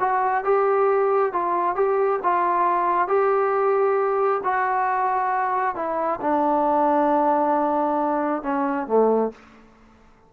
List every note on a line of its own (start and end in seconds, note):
0.00 0.44 F#4
0.44 1.33 G4
1.33 1.76 F4
1.76 2.20 G4
2.23 3.08 F4
3.08 4.41 G4
4.44 5.76 F#4
5.76 6.20 E4
6.21 8.43 D4
8.43 8.87 C#4
8.87 9.32 A3